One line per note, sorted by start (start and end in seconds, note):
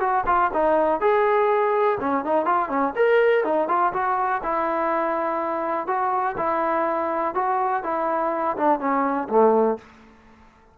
0.00 0.24 F#4
0.27 0.51 F4
0.54 1.01 D#4
1.01 1.99 G#4
2.01 2.25 C#4
2.25 2.46 D#4
2.46 2.69 F4
2.69 2.94 C#4
2.96 3.44 A#4
3.44 3.69 D#4
3.69 3.93 F4
3.93 4.42 F#4
4.43 5.87 E4
5.87 6.36 F#4
6.38 7.35 E4
7.35 7.84 F#4
7.84 8.57 E4
8.57 8.80 D4
8.80 9.28 C#4
9.29 9.78 A3